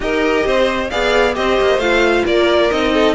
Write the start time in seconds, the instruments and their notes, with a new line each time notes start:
0.00 cello D#4, viola G4, violin A#4 D#5
0.45 cello C4, violin C5
0.89 cello B3, viola G#4, violin D5 F5
1.34 cello C4, viola G4, violin C5 D#5
1.60 cello A#3
1.77 cello A3, viola F4, violin F5
2.24 cello A#3, violin A#4 D5
2.71 cello C4, viola D#4, violin D#5
2.93 violin A4